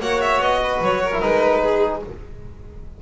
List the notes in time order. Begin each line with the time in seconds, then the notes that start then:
0.00 A#3 F#4 C#5 F#5
0.21 E5
0.39 B3 D#5
0.63 B4
0.81 F#3 C#5
1.04 A#4
1.13 E4
1.21 G#3 D#4 B4
1.61 G#4